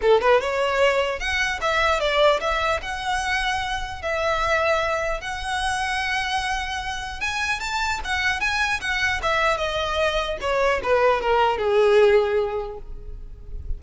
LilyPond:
\new Staff \with { instrumentName = "violin" } { \time 4/4 \tempo 4 = 150 a'8 b'8 cis''2 fis''4 | e''4 d''4 e''4 fis''4~ | fis''2 e''2~ | e''4 fis''2.~ |
fis''2 gis''4 a''4 | fis''4 gis''4 fis''4 e''4 | dis''2 cis''4 b'4 | ais'4 gis'2. | }